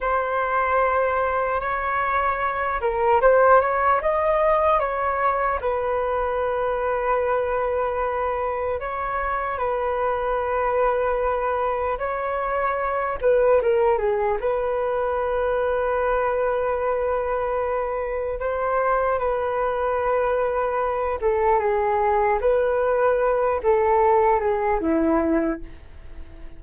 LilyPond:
\new Staff \with { instrumentName = "flute" } { \time 4/4 \tempo 4 = 75 c''2 cis''4. ais'8 | c''8 cis''8 dis''4 cis''4 b'4~ | b'2. cis''4 | b'2. cis''4~ |
cis''8 b'8 ais'8 gis'8 b'2~ | b'2. c''4 | b'2~ b'8 a'8 gis'4 | b'4. a'4 gis'8 e'4 | }